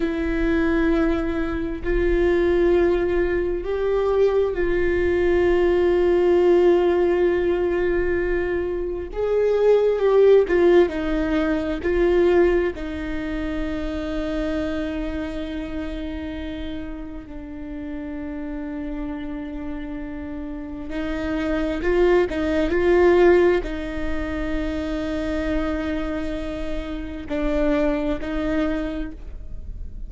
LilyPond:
\new Staff \with { instrumentName = "viola" } { \time 4/4 \tempo 4 = 66 e'2 f'2 | g'4 f'2.~ | f'2 gis'4 g'8 f'8 | dis'4 f'4 dis'2~ |
dis'2. d'4~ | d'2. dis'4 | f'8 dis'8 f'4 dis'2~ | dis'2 d'4 dis'4 | }